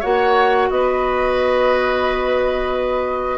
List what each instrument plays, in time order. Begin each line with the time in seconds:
0.00 bassoon A#3, clarinet F#4, oboe C#5, flute F#5
0.69 bassoon B3, oboe B4, flute D#5